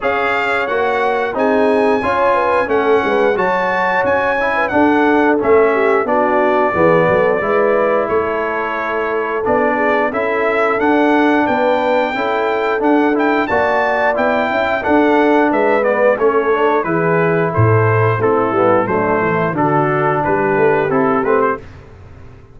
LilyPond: <<
  \new Staff \with { instrumentName = "trumpet" } { \time 4/4 \tempo 4 = 89 f''4 fis''4 gis''2 | fis''4 a''4 gis''4 fis''4 | e''4 d''2. | cis''2 d''4 e''4 |
fis''4 g''2 fis''8 g''8 | a''4 g''4 fis''4 e''8 d''8 | cis''4 b'4 c''4 a'4 | c''4 a'4 b'4 a'8 b'16 c''16 | }
  \new Staff \with { instrumentName = "horn" } { \time 4/4 cis''2 gis'4 cis''8 b'8 | a'8 b'8 cis''4.~ cis''16 b'16 a'4~ | a'8 g'8 fis'4 gis'8 a'8 b'4 | a'2~ a'8 gis'8 a'4~ |
a'4 b'4 a'2 | d''4. e''8 a'4 b'4 | a'4 gis'4 a'4 e'4 | d'8 e'8 fis'4 g'2 | }
  \new Staff \with { instrumentName = "trombone" } { \time 4/4 gis'4 fis'4 dis'4 f'4 | cis'4 fis'4. e'8 d'4 | cis'4 d'4 b4 e'4~ | e'2 d'4 e'4 |
d'2 e'4 d'8 e'8 | fis'4 e'4 d'4. b8 | cis'8 d'8 e'2 c'8 b8 | a4 d'2 e'8 c'8 | }
  \new Staff \with { instrumentName = "tuba" } { \time 4/4 cis'4 ais4 c'4 cis'4 | a8 gis8 fis4 cis'4 d'4 | a4 b4 e8 fis8 gis4 | a2 b4 cis'4 |
d'4 b4 cis'4 d'4 | ais4 b8 cis'8 d'4 gis4 | a4 e4 a,4 a8 g8 | fis8 e8 d4 g8 a8 c'8 a8 | }
>>